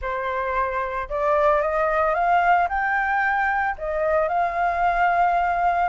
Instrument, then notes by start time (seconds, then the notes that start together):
flute
0.01 C5
1.09 D5
1.61 D#5
2.14 F5
2.69 G5
3.78 D#5
4.28 F5